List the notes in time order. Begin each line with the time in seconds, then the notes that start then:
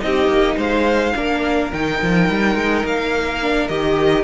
0.00 C4 D#4 D#5
0.06 G4
0.28 A#3
0.57 G#3 C5 F5
1.16 A#3 D4 A#4
1.73 D#3 D#4 G5
2.02 F3
2.30 G3
2.55 G#3
2.85 A#3 F5
3.43 D4
3.69 D#3 G4 D#5